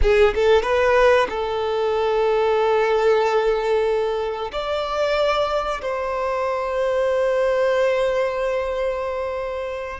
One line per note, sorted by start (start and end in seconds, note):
0.01 0.34 G#4
0.35 0.62 A4
0.62 1.27 B4
1.29 4.51 A4
4.52 5.81 D5
5.81 10.00 C5